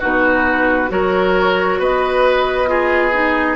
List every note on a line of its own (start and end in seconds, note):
0.00 0.90 B2
0.00 0.88 D#4
0.00 0.90 F#4
0.00 0.91 B4
0.88 1.79 F#3
0.88 2.67 F#4
0.88 1.80 A#4
0.88 1.81 C#5
1.79 3.56 B3
1.79 2.69 B4
1.79 3.56 D#5
2.67 3.12 F4
2.67 3.56 G#4
3.12 3.56 D#4